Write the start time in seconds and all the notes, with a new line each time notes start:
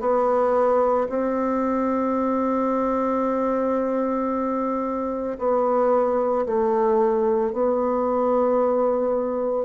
0.00 B3
1.09 C4
5.39 B3
6.46 A3
7.53 B3